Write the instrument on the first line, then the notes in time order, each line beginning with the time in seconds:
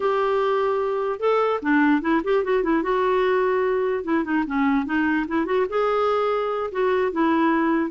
clarinet
0.00 G4
1.19 A4
1.61 D4
2.01 E4
2.24 G4
2.43 F#4
2.63 E4
2.82 F#4
4.04 E4
4.24 D#4
4.46 C#4
4.85 D#4
5.27 E4
5.45 F#4
5.69 G#4
6.71 F#4
7.12 E4